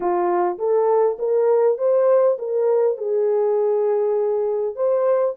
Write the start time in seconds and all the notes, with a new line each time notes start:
0.00 F4
0.58 A4
1.19 A#4
1.78 C5
2.38 A#4
2.97 G#4
4.75 C5